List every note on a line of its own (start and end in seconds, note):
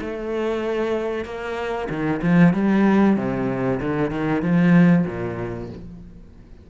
0.00 1.25 A3
1.25 1.88 A#3
1.89 2.21 D#3
2.22 2.53 F3
2.53 3.16 G3
3.16 3.80 C3
3.80 4.10 D3
4.10 4.42 D#3
4.42 5.05 F3
5.06 5.69 A#2